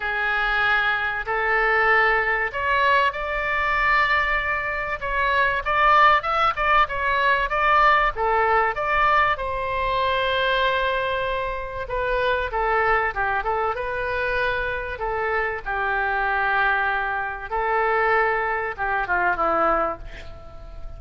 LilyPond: \new Staff \with { instrumentName = "oboe" } { \time 4/4 \tempo 4 = 96 gis'2 a'2 | cis''4 d''2. | cis''4 d''4 e''8 d''8 cis''4 | d''4 a'4 d''4 c''4~ |
c''2. b'4 | a'4 g'8 a'8 b'2 | a'4 g'2. | a'2 g'8 f'8 e'4 | }